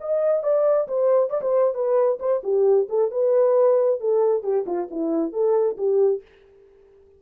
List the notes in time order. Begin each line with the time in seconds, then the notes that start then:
0.00 D#5
0.42 D5
0.87 C5
1.29 D5
1.41 C5
1.74 B4
2.19 C5
2.43 G4
2.89 A4
3.11 B4
4.00 A4
4.42 G4
4.66 F4
4.90 E4
5.32 A4
5.77 G4